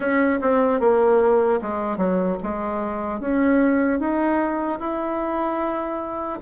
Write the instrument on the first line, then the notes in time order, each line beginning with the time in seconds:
bassoon
0.00 C#4
0.41 C4
0.80 A#3
1.61 G#3
1.97 F#3
2.43 G#3
3.20 C#4
3.99 D#4
4.79 E4